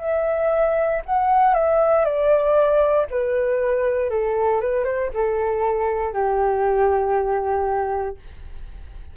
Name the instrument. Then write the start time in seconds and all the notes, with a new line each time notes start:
flute
0.00 E5
1.05 F#5
1.54 E5
2.05 D5
3.11 B4
4.10 A4
4.61 B4
4.84 C5
5.14 A4
6.13 G4